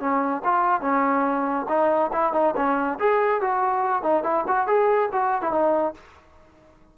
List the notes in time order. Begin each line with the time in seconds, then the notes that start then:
0.00 C#4
0.44 F4
0.81 C#4
1.69 D#4
2.13 E4
2.33 D#4
2.56 C#4
2.99 G#4
3.41 F#4
4.03 D#4
4.24 E4
4.48 F#4
4.67 G#4
5.12 F#4
5.42 E4
5.52 D#4